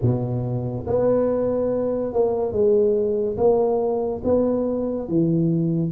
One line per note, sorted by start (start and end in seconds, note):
0.01 0.86 B2
0.86 2.13 B3
2.13 2.52 A#3
2.52 3.36 G#3
3.37 4.21 A#3
4.24 5.08 B3
5.08 5.91 E3